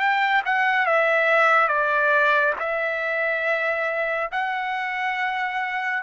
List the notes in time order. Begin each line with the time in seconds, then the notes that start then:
0.00 G5
0.46 F#5
0.86 E5
1.68 D5
2.59 E5
4.32 F#5